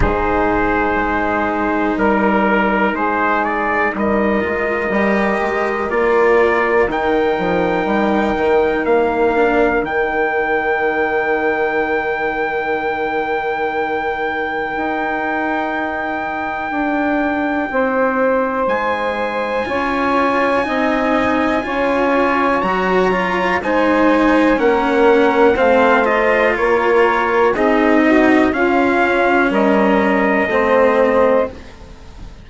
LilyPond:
<<
  \new Staff \with { instrumentName = "trumpet" } { \time 4/4 \tempo 4 = 61 c''2 ais'4 c''8 d''8 | dis''2 d''4 g''4~ | g''4 f''4 g''2~ | g''1~ |
g''2. gis''4~ | gis''2. ais''4 | gis''4 fis''4 f''8 dis''8 cis''4 | dis''4 f''4 dis''2 | }
  \new Staff \with { instrumentName = "saxophone" } { \time 4/4 gis'2 ais'4 gis'4 | ais'1~ | ais'1~ | ais'1~ |
ais'2 c''2 | cis''4 dis''4 cis''2 | c''4 ais'4 c''4 ais'4 | gis'8 fis'8 f'4 ais'4 c''4 | }
  \new Staff \with { instrumentName = "cello" } { \time 4/4 dis'1~ | dis'8 f'8 g'4 f'4 dis'4~ | dis'4. d'8 dis'2~ | dis'1~ |
dis'1 | f'4 dis'4 f'4 fis'8 f'8 | dis'4 cis'4 c'8 f'4. | dis'4 cis'2 c'4 | }
  \new Staff \with { instrumentName = "bassoon" } { \time 4/4 gis,4 gis4 g4 gis4 | g8 gis8 g8 gis8 ais4 dis8 f8 | g8 dis8 ais4 dis2~ | dis2. dis'4~ |
dis'4 d'4 c'4 gis4 | cis'4 c'4 cis'4 fis4 | gis4 ais4 a4 ais4 | c'4 cis'4 g4 a4 | }
>>